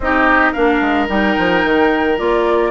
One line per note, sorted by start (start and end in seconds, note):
0.00 0.51 C4
0.00 0.55 D#4
0.00 0.52 G4
0.00 0.52 D#5
0.52 0.80 A#3
0.52 1.08 D4
0.52 2.70 A#4
0.52 1.07 F5
0.80 1.08 G#3
1.08 1.36 G3
1.08 2.17 D#4
1.08 2.18 G5
1.37 1.64 F3
1.64 2.19 D#3
2.17 2.71 A#3
2.17 2.71 F4
2.17 2.71 D5